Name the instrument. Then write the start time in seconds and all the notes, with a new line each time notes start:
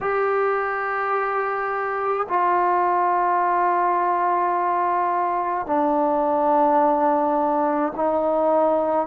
trombone
0.01 G4
2.28 F4
5.66 D4
7.95 D#4